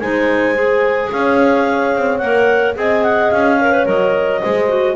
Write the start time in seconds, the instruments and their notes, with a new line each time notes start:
0.00 double bass G#3, clarinet D#4 G#5, horn C5
0.55 clarinet G#4
1.12 double bass C#4, horn C#5, clarinet F5
1.96 double bass C4
2.18 double bass A#3, clarinet A#4 F#5
2.75 double bass C4, clarinet G#4 G#5, horn D#5
3.04 clarinet F#5
3.31 double bass C#4, clarinet F5
3.60 clarinet A#4, horn C#5
3.72 clarinet B4
3.86 double bass F#3, clarinet A#4 D#5
4.41 double bass G#3, clarinet G#4, horn C5
4.68 clarinet F#4